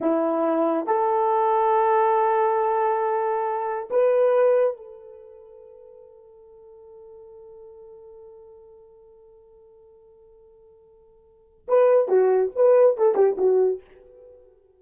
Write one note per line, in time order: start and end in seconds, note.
0.01 0.86 E4
0.86 3.88 A4
3.90 4.76 B4
4.76 11.67 A4
11.68 12.08 B4
12.08 12.51 F#4
12.55 12.97 B4
12.97 13.14 A4
13.14 13.36 G4
13.37 13.81 F#4